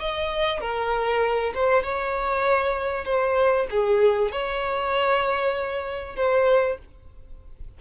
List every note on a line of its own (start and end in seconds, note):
0.00 0.60 D#5
0.60 1.53 A#4
1.54 1.83 C5
1.83 3.05 C#5
3.05 3.67 C5
3.70 4.31 G#4
4.31 6.16 C#5
6.16 6.78 C5